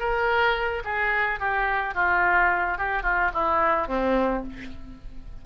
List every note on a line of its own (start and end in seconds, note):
0.00 0.83 A#4
0.85 1.40 G#4
1.40 1.95 G4
1.95 2.78 F4
2.79 3.03 G4
3.03 3.31 F4
3.34 3.88 E4
3.88 4.44 C4